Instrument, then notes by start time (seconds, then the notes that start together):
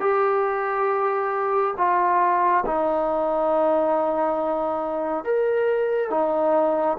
trombone
0.00 G4
1.77 F4
2.66 D#4
5.24 A#4
6.10 D#4